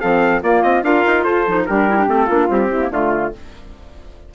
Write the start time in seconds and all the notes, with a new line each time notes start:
0.00 F3 C4 A4 F5
0.42 A#3 F4 D5
0.62 C4 D#5
0.82 D4 F4 A#4 F5
1.07 D#4
1.23 F4 A4 C5
1.47 F3 D#4
1.66 G3 D4 G4 A#4
1.88 E4
1.98 D4
2.07 A3 C4 A4
2.25 A#3 D4 F4
2.47 G3 C4 G4
2.70 C4 E4
2.80 A#3
2.90 D3 A3 F4